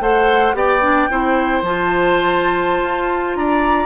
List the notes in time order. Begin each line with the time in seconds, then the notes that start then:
0.00 A3 A4 C5 F#5
0.54 B3 G4 D5 G5
0.81 D4
1.10 C4 E4 C5
1.62 F3 F4 A5
2.82 F4
3.35 D4 D5 A#5